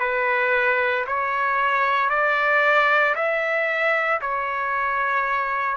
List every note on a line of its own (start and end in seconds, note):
0.00 1.05 B4
1.07 2.10 C#5
2.10 3.15 D5
3.15 4.21 E5
4.21 5.77 C#5